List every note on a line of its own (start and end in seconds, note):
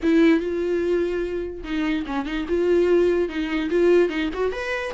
0.02 0.40 E4
0.40 1.63 F4
1.63 2.04 D#4
2.06 2.25 C#4
2.25 2.46 D#4
2.48 3.28 F4
3.28 3.69 D#4
3.69 4.09 F4
4.09 4.29 D#4
4.33 4.51 F#4
4.51 4.93 B4